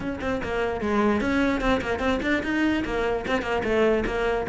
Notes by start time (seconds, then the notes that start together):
0.00 C#4
0.20 C4
0.43 A#3
0.81 G#3
1.21 C#4
1.60 C4
1.81 A#3
1.99 C4
2.22 D4
2.43 D#4
2.85 A#3
3.27 C4
3.42 A#3
3.63 A3
4.06 A#3